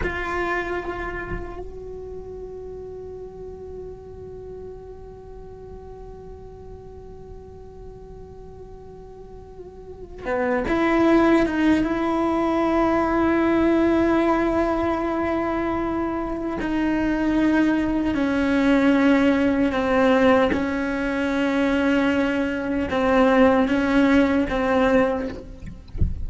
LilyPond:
\new Staff \with { instrumentName = "cello" } { \time 4/4 \tempo 4 = 76 f'2 fis'2~ | fis'1~ | fis'1~ | fis'4 b8 e'4 dis'8 e'4~ |
e'1~ | e'4 dis'2 cis'4~ | cis'4 c'4 cis'2~ | cis'4 c'4 cis'4 c'4 | }